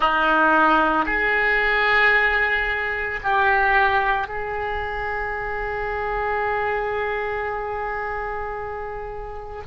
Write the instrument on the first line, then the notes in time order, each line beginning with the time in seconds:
oboe
0.00 D#4
1.05 G#4
3.23 G4
4.27 G#4